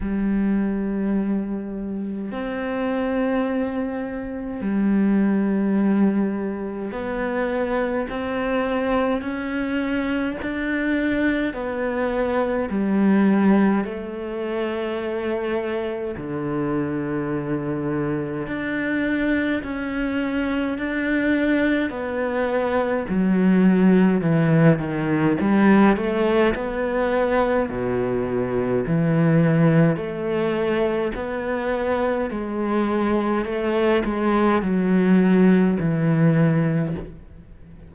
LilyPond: \new Staff \with { instrumentName = "cello" } { \time 4/4 \tempo 4 = 52 g2 c'2 | g2 b4 c'4 | cis'4 d'4 b4 g4 | a2 d2 |
d'4 cis'4 d'4 b4 | fis4 e8 dis8 g8 a8 b4 | b,4 e4 a4 b4 | gis4 a8 gis8 fis4 e4 | }